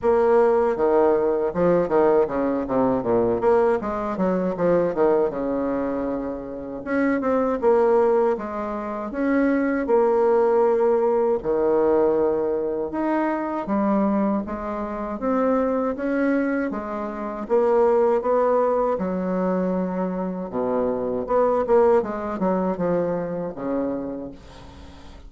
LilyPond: \new Staff \with { instrumentName = "bassoon" } { \time 4/4 \tempo 4 = 79 ais4 dis4 f8 dis8 cis8 c8 | ais,8 ais8 gis8 fis8 f8 dis8 cis4~ | cis4 cis'8 c'8 ais4 gis4 | cis'4 ais2 dis4~ |
dis4 dis'4 g4 gis4 | c'4 cis'4 gis4 ais4 | b4 fis2 b,4 | b8 ais8 gis8 fis8 f4 cis4 | }